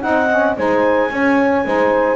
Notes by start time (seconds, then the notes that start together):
0.00 C4 D#4 D#5 F#5
0.30 C#4
0.57 G#3 D#4 C5 G#5
1.09 C#4 C#5
1.65 G#3 D#4 C5